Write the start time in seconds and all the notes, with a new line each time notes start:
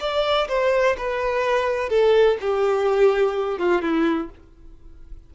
0.00 D5
0.48 C5
0.98 B4
1.90 A4
2.41 G4
3.59 F4
3.82 E4